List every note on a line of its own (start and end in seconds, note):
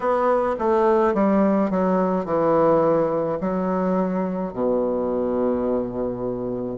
0.00 0.56 B3
0.58 1.14 A3
1.14 1.70 G3
1.70 2.25 F#3
2.25 3.38 E3
3.40 4.53 F#3
4.53 6.78 B2